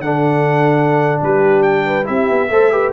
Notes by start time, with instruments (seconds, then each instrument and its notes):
0.00 tuba D3, trombone D4, horn A4, trumpet F#5
1.21 tuba G3, horn G4, trumpet B4
1.62 trumpet G5
1.85 horn B4
2.04 tuba C4, trombone E4, horn G4, trumpet E5
2.28 tuba B3
2.49 tuba A3, trombone A4, horn C5
2.71 trombone G4, horn B4